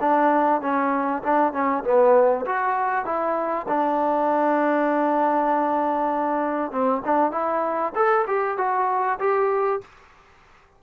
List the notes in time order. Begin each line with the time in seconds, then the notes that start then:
0.00 D4
0.61 C#4
1.23 D4
1.53 C#4
1.84 B3
2.45 F#4
3.05 E4
3.68 D4
6.71 C4
7.04 D4
7.31 E4
7.95 A4
8.27 G4
8.57 F#4
9.19 G4